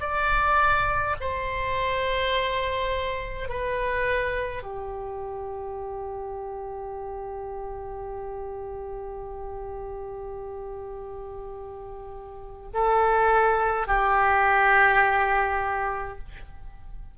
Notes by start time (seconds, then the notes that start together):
0.00 D5
1.20 C5
3.49 B4
4.63 G4
12.73 A4
13.87 G4